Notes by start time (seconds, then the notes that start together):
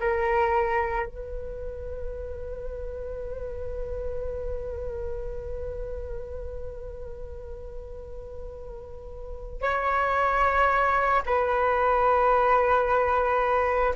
0.00 A#4
1.06 B4
9.62 C#5
11.26 B4